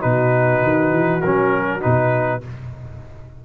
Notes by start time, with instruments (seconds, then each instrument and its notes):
0.00 tuba B2, trombone D#4, horn F#4, trumpet B4
0.63 tuba D#3
0.91 tuba E3
1.21 tuba F#3, trombone C#4, trumpet A#4
1.81 tuba B2, trombone D#4, trumpet B4